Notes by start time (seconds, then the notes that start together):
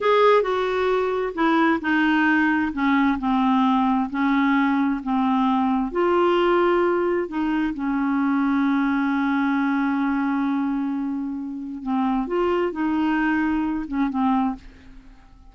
0.00 G#4
0.42 F#4
1.34 E4
1.81 D#4
2.72 C#4
3.18 C4
4.10 C#4
5.03 C4
5.91 F4
7.28 D#4
7.74 C#4
11.83 C4
12.27 F4
12.71 D#4
13.87 C#4
14.09 C4